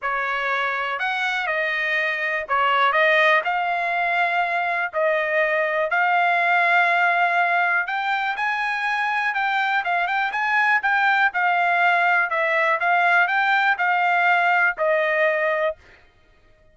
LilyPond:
\new Staff \with { instrumentName = "trumpet" } { \time 4/4 \tempo 4 = 122 cis''2 fis''4 dis''4~ | dis''4 cis''4 dis''4 f''4~ | f''2 dis''2 | f''1 |
g''4 gis''2 g''4 | f''8 g''8 gis''4 g''4 f''4~ | f''4 e''4 f''4 g''4 | f''2 dis''2 | }